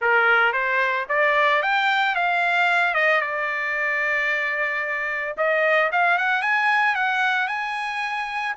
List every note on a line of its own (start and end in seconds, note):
0.01 0.53 A#4
0.53 1.06 C5
1.08 1.62 D5
1.62 2.15 G5
2.15 2.94 F5
2.94 3.21 D#5
3.21 5.35 D5
5.37 5.91 D#5
5.92 6.18 F5
6.18 6.42 F#5
6.42 6.95 G#5
6.95 7.47 F#5
7.47 8.54 G#5